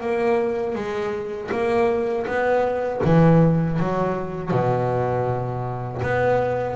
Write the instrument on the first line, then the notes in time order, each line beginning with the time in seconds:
double bass
0.00 A#3
0.75 G#3
1.51 A#3
2.26 B3
3.04 E3
3.79 F#3
4.51 B2
6.02 B3